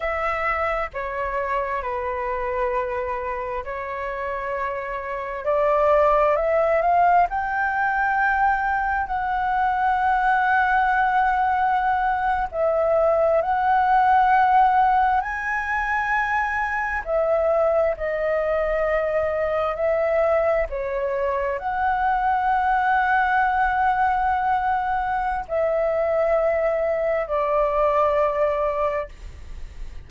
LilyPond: \new Staff \with { instrumentName = "flute" } { \time 4/4 \tempo 4 = 66 e''4 cis''4 b'2 | cis''2 d''4 e''8 f''8 | g''2 fis''2~ | fis''4.~ fis''16 e''4 fis''4~ fis''16~ |
fis''8. gis''2 e''4 dis''16~ | dis''4.~ dis''16 e''4 cis''4 fis''16~ | fis''1 | e''2 d''2 | }